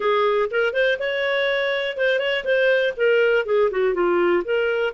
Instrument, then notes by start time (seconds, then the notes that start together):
clarinet
0.00 G#4
0.50 A#4
0.73 C5
0.99 C#5
1.97 C5
2.19 C#5
2.44 C5
2.96 A#4
3.45 G#4
3.70 F#4
3.94 F4
4.44 A#4